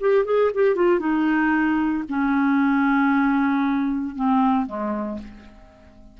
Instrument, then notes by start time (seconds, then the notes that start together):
clarinet
0.00 G4
0.25 G#4
0.54 G4
0.75 F4
0.99 D#4
2.09 C#4
4.15 C4
4.66 G#3